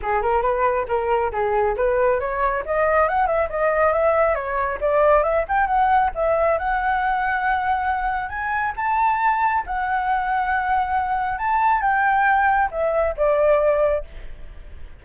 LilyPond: \new Staff \with { instrumentName = "flute" } { \time 4/4 \tempo 4 = 137 gis'8 ais'8 b'4 ais'4 gis'4 | b'4 cis''4 dis''4 fis''8 e''8 | dis''4 e''4 cis''4 d''4 | e''8 g''8 fis''4 e''4 fis''4~ |
fis''2. gis''4 | a''2 fis''2~ | fis''2 a''4 g''4~ | g''4 e''4 d''2 | }